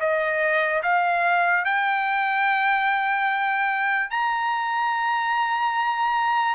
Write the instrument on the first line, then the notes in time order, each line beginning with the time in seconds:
trumpet
0.00 D#5
0.83 F5
1.65 G5
4.10 A#5